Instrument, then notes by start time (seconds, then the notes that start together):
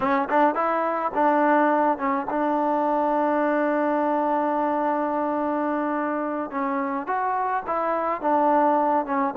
trombone
0.00 C#4
0.29 D4
0.55 E4
1.14 D4
1.98 C#4
2.30 D4
6.50 C#4
7.06 F#4
7.66 E4
8.21 D4
9.05 C#4